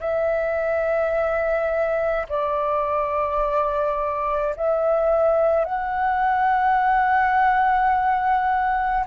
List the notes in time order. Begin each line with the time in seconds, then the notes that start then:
0.00 E5
2.29 D5
4.56 E5
5.65 F#5